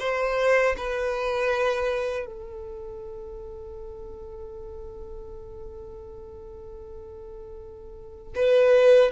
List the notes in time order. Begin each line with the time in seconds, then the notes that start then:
0.00 C5
0.77 B4
2.26 A4
8.36 B4